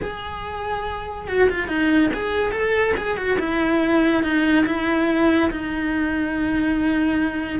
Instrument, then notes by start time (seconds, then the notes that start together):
cello
0.02 G#4
1.27 F#4
1.49 F4
1.68 D#4
2.13 G#4
2.52 A4
2.97 G#4
3.17 F#4
3.39 E4
4.23 D#4
4.66 E4
5.50 D#4